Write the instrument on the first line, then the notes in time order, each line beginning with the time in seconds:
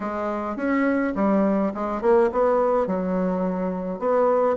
bassoon
0.00 G#3
0.56 C#4
1.15 G3
1.74 G#3
2.01 A#3
2.32 B3
2.86 F#3
3.99 B3